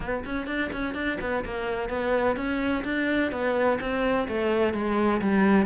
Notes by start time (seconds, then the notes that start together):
0.00 B3
0.25 C#4
0.47 D4
0.72 C#4
0.94 D4
1.20 B3
1.44 A#3
1.89 B3
2.36 C#4
2.84 D4
3.31 B3
3.80 C4
4.28 A3
4.73 G#3
5.21 G3